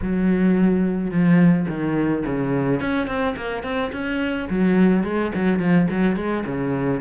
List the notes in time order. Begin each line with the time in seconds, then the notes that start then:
0.02 F#3
1.10 F3
1.68 D#3
2.25 C#3
2.80 C#4
3.07 C4
3.36 A#3
3.63 C4
3.92 C#4
4.49 F#3
5.03 G#3
5.34 F#3
5.59 F3
5.90 F#3
6.16 G#3
6.46 C#3